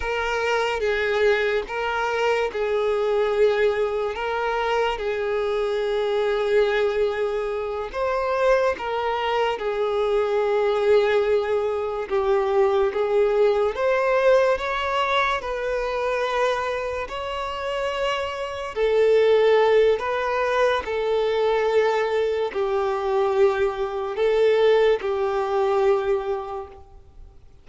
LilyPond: \new Staff \with { instrumentName = "violin" } { \time 4/4 \tempo 4 = 72 ais'4 gis'4 ais'4 gis'4~ | gis'4 ais'4 gis'2~ | gis'4. c''4 ais'4 gis'8~ | gis'2~ gis'8 g'4 gis'8~ |
gis'8 c''4 cis''4 b'4.~ | b'8 cis''2 a'4. | b'4 a'2 g'4~ | g'4 a'4 g'2 | }